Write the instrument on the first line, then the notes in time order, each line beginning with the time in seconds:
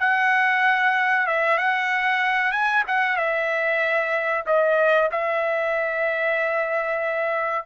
trumpet
0.00 F#5
1.27 E5
1.58 F#5
2.52 G#5
2.88 F#5
3.17 E5
4.47 D#5
5.12 E5